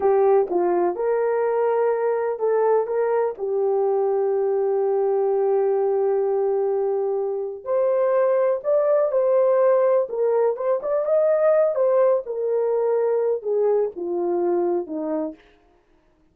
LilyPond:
\new Staff \with { instrumentName = "horn" } { \time 4/4 \tempo 4 = 125 g'4 f'4 ais'2~ | ais'4 a'4 ais'4 g'4~ | g'1~ | g'1 |
c''2 d''4 c''4~ | c''4 ais'4 c''8 d''8 dis''4~ | dis''8 c''4 ais'2~ ais'8 | gis'4 f'2 dis'4 | }